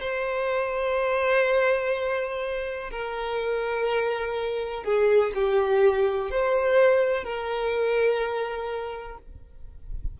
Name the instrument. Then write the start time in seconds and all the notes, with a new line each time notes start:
violin
0.00 C5
2.91 A#4
4.84 G#4
5.34 G4
6.31 C5
7.24 A#4